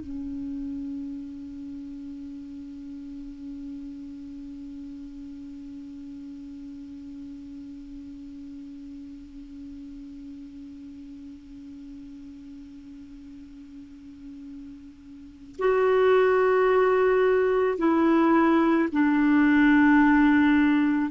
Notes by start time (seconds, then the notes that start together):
0.00 C#4
15.59 F#4
17.78 E4
18.92 D4